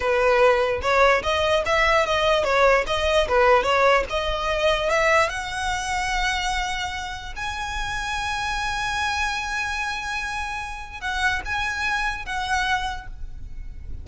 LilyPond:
\new Staff \with { instrumentName = "violin" } { \time 4/4 \tempo 4 = 147 b'2 cis''4 dis''4 | e''4 dis''4 cis''4 dis''4 | b'4 cis''4 dis''2 | e''4 fis''2.~ |
fis''2 gis''2~ | gis''1~ | gis''2. fis''4 | gis''2 fis''2 | }